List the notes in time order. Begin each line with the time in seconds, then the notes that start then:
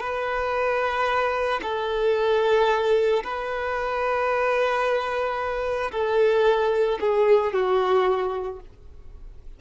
0.00 B4
1.63 A4
3.23 B4
5.92 A4
7.00 G#4
7.53 F#4